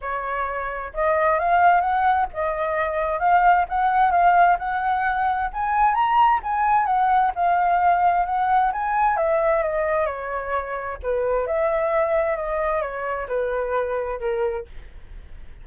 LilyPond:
\new Staff \with { instrumentName = "flute" } { \time 4/4 \tempo 4 = 131 cis''2 dis''4 f''4 | fis''4 dis''2 f''4 | fis''4 f''4 fis''2 | gis''4 ais''4 gis''4 fis''4 |
f''2 fis''4 gis''4 | e''4 dis''4 cis''2 | b'4 e''2 dis''4 | cis''4 b'2 ais'4 | }